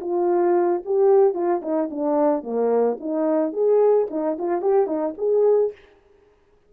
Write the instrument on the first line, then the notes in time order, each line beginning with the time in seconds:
horn
0.00 F4
0.85 G4
1.34 F4
1.62 D#4
1.90 D4
2.43 A#3
3.00 D#4
3.52 G#4
4.10 D#4
4.38 F4
4.61 G4
4.86 D#4
5.17 G#4